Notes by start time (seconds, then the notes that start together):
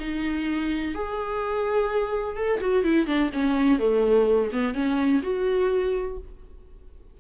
0.00 D#4
0.95 G#4
2.37 A4
2.61 F#4
2.84 E4
3.07 D4
3.33 C#4
3.79 A3
4.52 B3
4.74 C#4
5.23 F#4